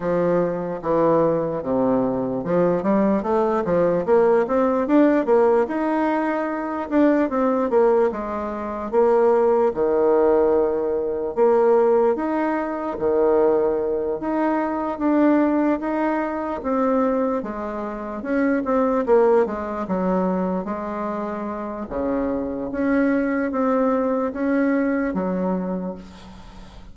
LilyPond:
\new Staff \with { instrumentName = "bassoon" } { \time 4/4 \tempo 4 = 74 f4 e4 c4 f8 g8 | a8 f8 ais8 c'8 d'8 ais8 dis'4~ | dis'8 d'8 c'8 ais8 gis4 ais4 | dis2 ais4 dis'4 |
dis4. dis'4 d'4 dis'8~ | dis'8 c'4 gis4 cis'8 c'8 ais8 | gis8 fis4 gis4. cis4 | cis'4 c'4 cis'4 fis4 | }